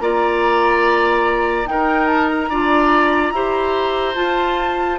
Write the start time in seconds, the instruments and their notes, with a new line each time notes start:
0.00 bassoon A#3, clarinet F4, oboe D5, flute A#5
1.65 clarinet D#4, bassoon D#4, oboe A#4, flute G5
2.07 flute A5
2.28 flute A#5
2.49 bassoon D4, clarinet F4, oboe D5
3.31 bassoon E4, clarinet G4, oboe C5
4.14 clarinet F4, bassoon F4, flute A5